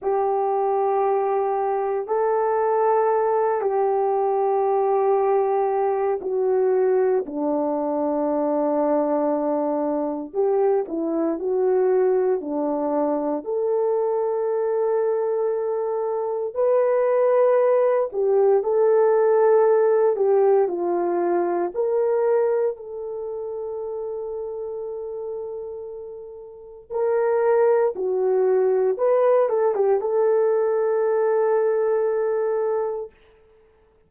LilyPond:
\new Staff \with { instrumentName = "horn" } { \time 4/4 \tempo 4 = 58 g'2 a'4. g'8~ | g'2 fis'4 d'4~ | d'2 g'8 e'8 fis'4 | d'4 a'2. |
b'4. g'8 a'4. g'8 | f'4 ais'4 a'2~ | a'2 ais'4 fis'4 | b'8 a'16 g'16 a'2. | }